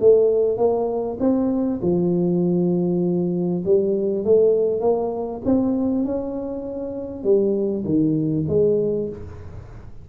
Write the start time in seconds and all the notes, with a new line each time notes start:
0.00 A3
0.57 A#3
1.20 C4
1.82 F3
3.65 G3
4.25 A3
4.81 A#3
5.45 C4
6.05 C#4
7.24 G3
7.85 D#3
8.48 G#3